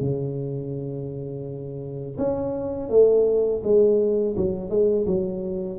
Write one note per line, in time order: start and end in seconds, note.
0.00 2.17 C#3
2.18 2.89 C#4
2.89 3.62 A3
3.63 4.35 G#3
4.36 4.70 F#3
4.70 5.06 G#3
5.06 5.79 F#3